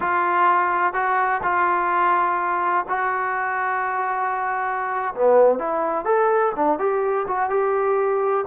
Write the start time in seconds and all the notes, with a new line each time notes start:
0.00 F4
0.93 F#4
1.42 F4
2.88 F#4
5.15 B3
5.58 E4
6.05 A4
6.55 D4
6.79 G4
7.27 F#4
7.49 G4